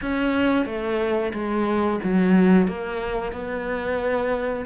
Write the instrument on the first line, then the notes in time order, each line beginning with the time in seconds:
cello
0.01 C#4
0.65 A3
1.33 G#3
2.03 F#3
2.67 A#3
3.32 B3